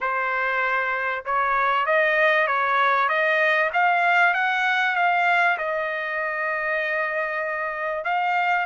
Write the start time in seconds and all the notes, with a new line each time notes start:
0.01 C5
1.25 C#5
1.86 D#5
2.47 C#5
3.08 D#5
3.73 F5
4.34 F#5
4.95 F5
5.58 D#5
8.04 F5